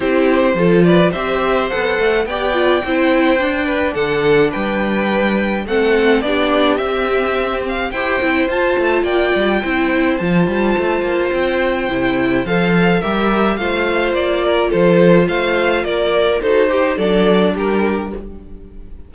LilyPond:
<<
  \new Staff \with { instrumentName = "violin" } { \time 4/4 \tempo 4 = 106 c''4. d''8 e''4 fis''4 | g''2. fis''4 | g''2 fis''4 d''4 | e''4. f''8 g''4 a''4 |
g''2 a''2 | g''2 f''4 e''4 | f''4 d''4 c''4 f''4 | d''4 c''4 d''4 ais'4 | }
  \new Staff \with { instrumentName = "violin" } { \time 4/4 g'4 a'8 b'8 c''2 | d''4 c''4. b'8 a'4 | b'2 a'4 g'4~ | g'2 c''2 |
d''4 c''2.~ | c''2. ais'4 | c''4. ais'8 a'4 c''4 | ais'4 a'8 g'8 a'4 g'4 | }
  \new Staff \with { instrumentName = "viola" } { \time 4/4 e'4 f'4 g'4 a'4 | g'8 f'8 e'4 d'2~ | d'2 c'4 d'4 | c'2 g'8 e'8 f'4~ |
f'4 e'4 f'2~ | f'4 e'4 a'4 g'4 | f'1~ | f'4 fis'8 g'8 d'2 | }
  \new Staff \with { instrumentName = "cello" } { \time 4/4 c'4 f4 c'4 b8 a8 | b4 c'4 d'4 d4 | g2 a4 b4 | c'2 e'8 c'8 f'8 a8 |
ais8 g8 c'4 f8 g8 a8 ais8 | c'4 c4 f4 g4 | a4 ais4 f4 a4 | ais4 dis'4 fis4 g4 | }
>>